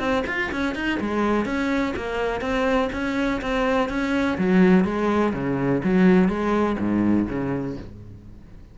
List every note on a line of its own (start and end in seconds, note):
0.00 0.24 C4
0.27 0.51 F4
0.52 0.76 C#4
0.76 1.00 D#4
1.01 1.46 G#3
1.46 1.94 C#4
1.97 2.41 A#3
2.41 2.90 C4
2.93 3.41 C#4
3.42 3.89 C4
3.89 4.38 C#4
4.38 4.85 F#3
4.85 5.33 G#3
5.34 5.82 C#3
5.84 6.29 F#3
6.29 6.77 G#3
6.79 7.28 G#2
7.29 7.77 C#3